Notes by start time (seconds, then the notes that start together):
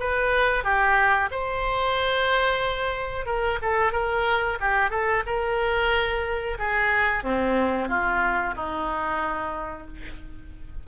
0.00 B4
0.64 G4
1.31 C5
3.26 A#4
3.62 A4
3.92 A#4
4.61 G4
4.90 A4
5.26 A#4
6.59 G#4
7.24 C4
7.89 F4
8.56 D#4